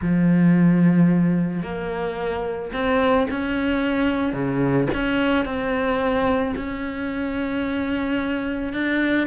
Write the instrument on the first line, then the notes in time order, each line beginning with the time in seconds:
cello
0.01 F3
1.62 A#3
2.72 C4
3.30 C#4
4.33 C#3
4.93 C#4
5.45 C4
6.56 C#4
8.73 D4